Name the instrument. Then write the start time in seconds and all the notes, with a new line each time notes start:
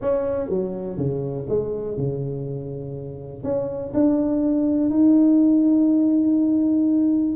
tuba
0.01 C#4
0.49 F#3
0.97 C#3
1.48 G#3
1.97 C#3
3.43 C#4
3.94 D4
4.90 D#4